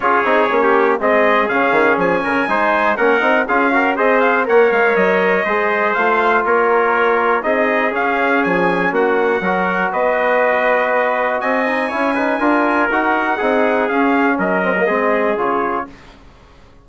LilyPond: <<
  \new Staff \with { instrumentName = "trumpet" } { \time 4/4 \tempo 4 = 121 cis''2 dis''4 f''4 | gis''2 fis''4 f''4 | dis''8 f''8 fis''8 f''8 dis''2 | f''4 cis''2 dis''4 |
f''4 gis''4 fis''2 | dis''2. gis''4~ | gis''2 fis''2 | f''4 dis''2 cis''4 | }
  \new Staff \with { instrumentName = "trumpet" } { \time 4/4 gis'4~ gis'16 g'8. gis'2~ | gis'8 ais'8 c''4 ais'4 gis'8 ais'8 | c''4 cis''2 c''4~ | c''4 ais'2 gis'4~ |
gis'2 fis'4 ais'4 | b'2. dis''4 | cis''8 b'8 ais'2 gis'4~ | gis'4 ais'4 gis'2 | }
  \new Staff \with { instrumentName = "trombone" } { \time 4/4 f'8 dis'8 cis'4 c'4 cis'4~ | cis'4 dis'4 cis'8 dis'8 f'8 fis'8 | gis'4 ais'2 gis'4 | f'2. dis'4 |
cis'2. fis'4~ | fis'2.~ fis'8 dis'8 | e'8 dis'8 f'4 fis'4 dis'4 | cis'4. c'16 ais16 c'4 f'4 | }
  \new Staff \with { instrumentName = "bassoon" } { \time 4/4 cis'8 c'8 ais4 gis4 cis8 dis8 | f8 cis8 gis4 ais8 c'8 cis'4 | c'4 ais8 gis8 fis4 gis4 | a4 ais2 c'4 |
cis'4 f4 ais4 fis4 | b2. c'4 | cis'4 d'4 dis'4 c'4 | cis'4 fis4 gis4 cis4 | }
>>